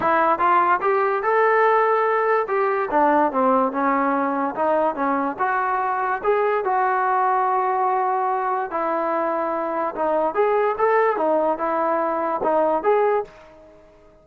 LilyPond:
\new Staff \with { instrumentName = "trombone" } { \time 4/4 \tempo 4 = 145 e'4 f'4 g'4 a'4~ | a'2 g'4 d'4 | c'4 cis'2 dis'4 | cis'4 fis'2 gis'4 |
fis'1~ | fis'4 e'2. | dis'4 gis'4 a'4 dis'4 | e'2 dis'4 gis'4 | }